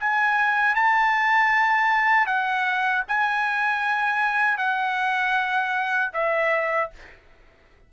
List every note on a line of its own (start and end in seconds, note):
0.00 0.75 G#5
0.75 2.26 A5
2.26 3.03 F#5
3.08 4.57 G#5
4.57 6.11 F#5
6.13 6.90 E5